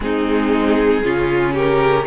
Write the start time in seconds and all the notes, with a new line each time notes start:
0.00 G#3 C4 D#4 G#4
1.03 C#3 C#4 F4
1.52 G4 A#4